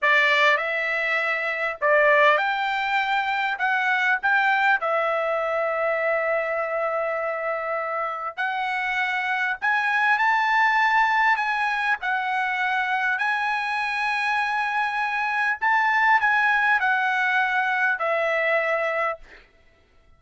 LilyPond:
\new Staff \with { instrumentName = "trumpet" } { \time 4/4 \tempo 4 = 100 d''4 e''2 d''4 | g''2 fis''4 g''4 | e''1~ | e''2 fis''2 |
gis''4 a''2 gis''4 | fis''2 gis''2~ | gis''2 a''4 gis''4 | fis''2 e''2 | }